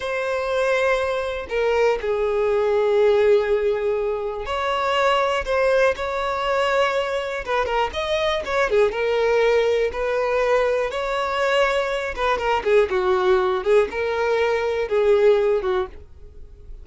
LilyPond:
\new Staff \with { instrumentName = "violin" } { \time 4/4 \tempo 4 = 121 c''2. ais'4 | gis'1~ | gis'4 cis''2 c''4 | cis''2. b'8 ais'8 |
dis''4 cis''8 gis'8 ais'2 | b'2 cis''2~ | cis''8 b'8 ais'8 gis'8 fis'4. gis'8 | ais'2 gis'4. fis'8 | }